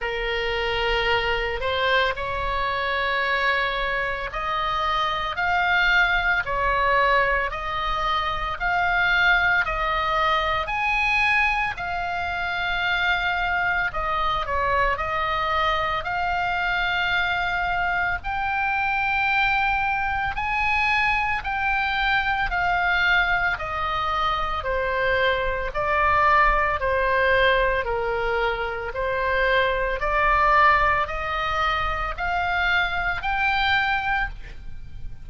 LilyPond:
\new Staff \with { instrumentName = "oboe" } { \time 4/4 \tempo 4 = 56 ais'4. c''8 cis''2 | dis''4 f''4 cis''4 dis''4 | f''4 dis''4 gis''4 f''4~ | f''4 dis''8 cis''8 dis''4 f''4~ |
f''4 g''2 gis''4 | g''4 f''4 dis''4 c''4 | d''4 c''4 ais'4 c''4 | d''4 dis''4 f''4 g''4 | }